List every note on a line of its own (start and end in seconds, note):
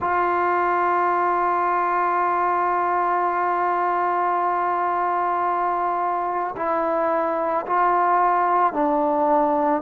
0.00 6.55 F4
6.56 7.65 E4
7.66 8.73 F4
8.73 9.82 D4